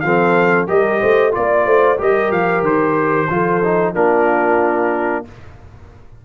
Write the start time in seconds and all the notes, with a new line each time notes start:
0.00 F3 C4 A4 F5
0.67 G3 G4 A#4 D#5
1.00 A3 C5
1.31 A#3 F4 D5
1.66 A3 C5
1.98 G3 G4 A#4 D#5
2.31 F3 F5
2.62 D#3 C5
3.30 F3 F4 A4
3.64 D#4
3.93 A#3 D4 F4 A#4